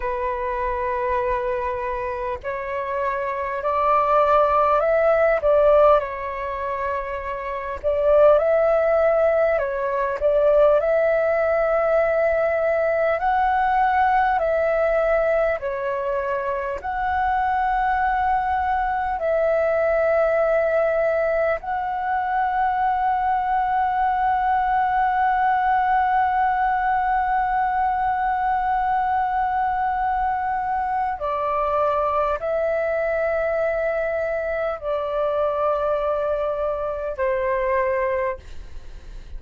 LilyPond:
\new Staff \with { instrumentName = "flute" } { \time 4/4 \tempo 4 = 50 b'2 cis''4 d''4 | e''8 d''8 cis''4. d''8 e''4 | cis''8 d''8 e''2 fis''4 | e''4 cis''4 fis''2 |
e''2 fis''2~ | fis''1~ | fis''2 d''4 e''4~ | e''4 d''2 c''4 | }